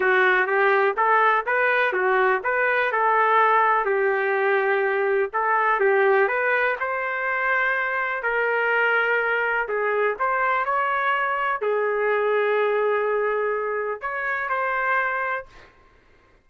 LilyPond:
\new Staff \with { instrumentName = "trumpet" } { \time 4/4 \tempo 4 = 124 fis'4 g'4 a'4 b'4 | fis'4 b'4 a'2 | g'2. a'4 | g'4 b'4 c''2~ |
c''4 ais'2. | gis'4 c''4 cis''2 | gis'1~ | gis'4 cis''4 c''2 | }